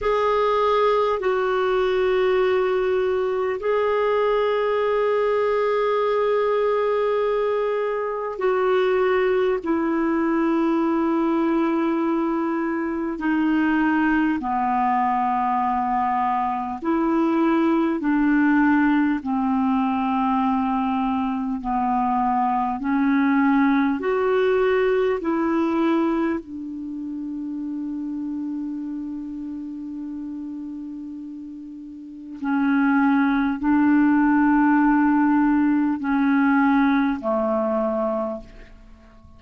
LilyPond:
\new Staff \with { instrumentName = "clarinet" } { \time 4/4 \tempo 4 = 50 gis'4 fis'2 gis'4~ | gis'2. fis'4 | e'2. dis'4 | b2 e'4 d'4 |
c'2 b4 cis'4 | fis'4 e'4 d'2~ | d'2. cis'4 | d'2 cis'4 a4 | }